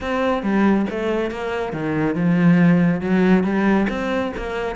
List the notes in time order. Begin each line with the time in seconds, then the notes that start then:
0.01 C4
0.42 G3
0.90 A3
1.30 A#3
1.72 D#3
2.15 F3
3.00 F#3
3.43 G3
3.89 C4
4.36 A#3